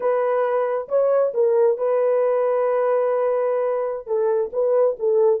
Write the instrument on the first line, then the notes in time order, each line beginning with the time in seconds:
horn
0.00 B4
0.88 C#5
1.34 A#4
1.77 B4
4.06 A4
4.52 B4
4.99 A4